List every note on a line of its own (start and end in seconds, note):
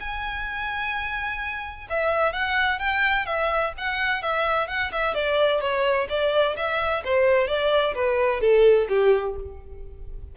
0.00 1.87 G#5
1.89 2.33 E5
2.33 2.79 F#5
2.79 3.26 G5
3.26 3.73 E5
3.77 4.22 F#5
4.22 4.67 E5
4.67 4.91 F#5
4.92 5.14 E5
5.14 5.60 D5
5.60 6.07 C#5
6.09 6.56 D5
6.56 7.03 E5
7.04 7.47 C5
7.47 7.94 D5
7.95 8.41 B4
8.41 8.87 A4
8.88 9.35 G4